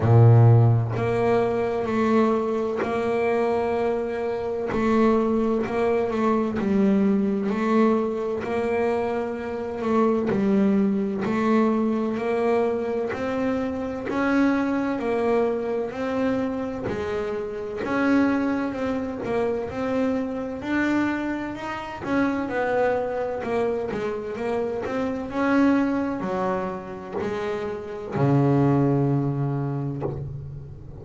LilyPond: \new Staff \with { instrumentName = "double bass" } { \time 4/4 \tempo 4 = 64 ais,4 ais4 a4 ais4~ | ais4 a4 ais8 a8 g4 | a4 ais4. a8 g4 | a4 ais4 c'4 cis'4 |
ais4 c'4 gis4 cis'4 | c'8 ais8 c'4 d'4 dis'8 cis'8 | b4 ais8 gis8 ais8 c'8 cis'4 | fis4 gis4 cis2 | }